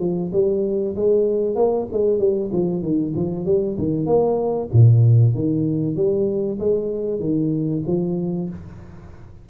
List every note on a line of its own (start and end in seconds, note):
0.00 0.31 F3
0.33 0.96 G3
0.96 1.56 G#3
1.56 1.87 A#3
1.93 2.19 G#3
2.19 2.51 G3
2.52 2.83 F3
2.83 3.14 D#3
3.16 3.46 F3
3.46 3.77 G3
3.79 4.07 D#3
4.07 4.69 A#3
4.73 5.35 A#2
5.35 5.96 D#3
5.96 6.59 G3
6.60 7.20 G#3
7.20 7.82 D#3
7.88 8.50 F3